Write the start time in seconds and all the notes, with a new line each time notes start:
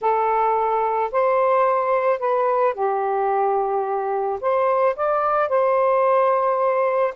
0.01 A4
1.11 C5
2.19 B4
2.74 G4
4.40 C5
4.95 D5
5.48 C5